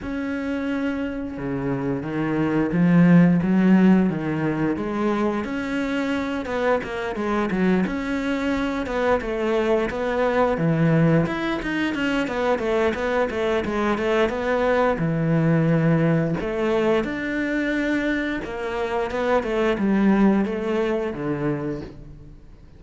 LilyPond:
\new Staff \with { instrumentName = "cello" } { \time 4/4 \tempo 4 = 88 cis'2 cis4 dis4 | f4 fis4 dis4 gis4 | cis'4. b8 ais8 gis8 fis8 cis'8~ | cis'4 b8 a4 b4 e8~ |
e8 e'8 dis'8 cis'8 b8 a8 b8 a8 | gis8 a8 b4 e2 | a4 d'2 ais4 | b8 a8 g4 a4 d4 | }